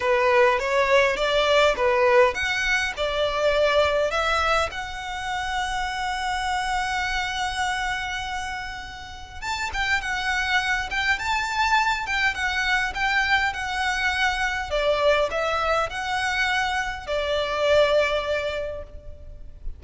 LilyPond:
\new Staff \with { instrumentName = "violin" } { \time 4/4 \tempo 4 = 102 b'4 cis''4 d''4 b'4 | fis''4 d''2 e''4 | fis''1~ | fis''1 |
a''8 g''8 fis''4. g''8 a''4~ | a''8 g''8 fis''4 g''4 fis''4~ | fis''4 d''4 e''4 fis''4~ | fis''4 d''2. | }